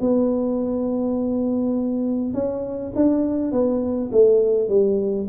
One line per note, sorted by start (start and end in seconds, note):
0.00 2.34 B3
2.34 2.93 C#4
2.95 3.52 D4
3.52 4.10 B3
4.12 4.68 A3
4.68 5.27 G3